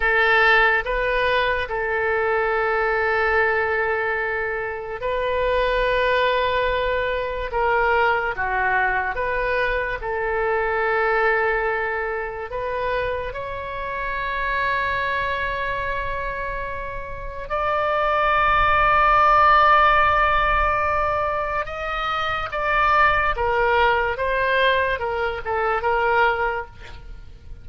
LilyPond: \new Staff \with { instrumentName = "oboe" } { \time 4/4 \tempo 4 = 72 a'4 b'4 a'2~ | a'2 b'2~ | b'4 ais'4 fis'4 b'4 | a'2. b'4 |
cis''1~ | cis''4 d''2.~ | d''2 dis''4 d''4 | ais'4 c''4 ais'8 a'8 ais'4 | }